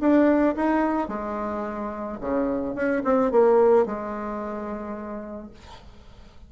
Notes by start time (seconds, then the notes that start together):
0.00 D4
0.55 D#4
1.08 G#3
2.20 C#3
2.74 C#4
3.04 C4
3.31 A#3
3.85 G#3